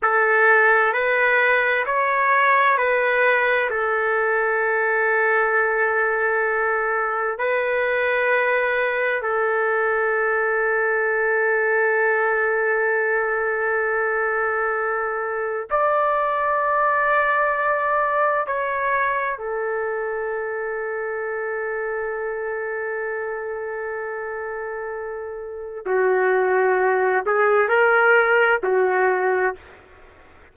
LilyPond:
\new Staff \with { instrumentName = "trumpet" } { \time 4/4 \tempo 4 = 65 a'4 b'4 cis''4 b'4 | a'1 | b'2 a'2~ | a'1~ |
a'4 d''2. | cis''4 a'2.~ | a'1 | fis'4. gis'8 ais'4 fis'4 | }